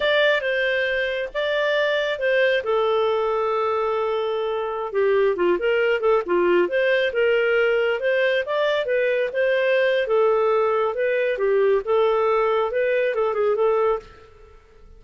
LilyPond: \new Staff \with { instrumentName = "clarinet" } { \time 4/4 \tempo 4 = 137 d''4 c''2 d''4~ | d''4 c''4 a'2~ | a'2.~ a'16 g'8.~ | g'16 f'8 ais'4 a'8 f'4 c''8.~ |
c''16 ais'2 c''4 d''8.~ | d''16 b'4 c''4.~ c''16 a'4~ | a'4 b'4 g'4 a'4~ | a'4 b'4 a'8 gis'8 a'4 | }